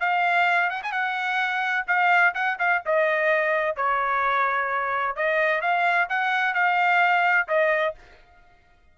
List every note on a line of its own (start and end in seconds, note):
0.00 0.70 F5
0.70 0.82 F#5
0.83 0.92 G#5
0.92 1.86 F#5
1.87 2.34 F5
2.35 2.58 F#5
2.59 2.83 F5
2.86 3.76 D#5
3.76 5.16 C#5
5.16 5.61 D#5
5.61 6.08 F5
6.09 6.54 F#5
6.54 7.48 F5
7.48 7.95 D#5